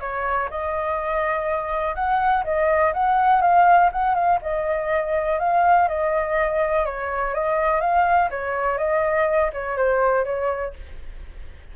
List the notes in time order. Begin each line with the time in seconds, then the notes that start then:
0.00 C#5
0.50 D#5
1.95 F#5
2.44 D#5
2.93 F#5
3.41 F5
3.92 F#5
4.14 F5
4.41 D#5
5.39 F5
5.88 D#5
6.85 C#5
7.34 D#5
7.80 F5
8.30 C#5
8.78 D#5
9.53 C#5
9.76 C5
10.24 C#5